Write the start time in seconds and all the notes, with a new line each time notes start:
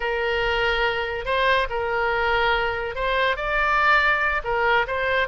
0.00 A#4
1.25 C5
1.69 A#4
2.95 C5
3.36 D5
4.44 A#4
4.87 C5